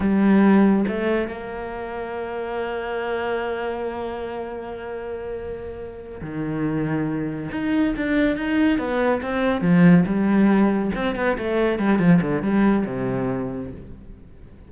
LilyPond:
\new Staff \with { instrumentName = "cello" } { \time 4/4 \tempo 4 = 140 g2 a4 ais4~ | ais1~ | ais1~ | ais2~ ais8 dis4.~ |
dis4. dis'4 d'4 dis'8~ | dis'8 b4 c'4 f4 g8~ | g4. c'8 b8 a4 g8 | f8 d8 g4 c2 | }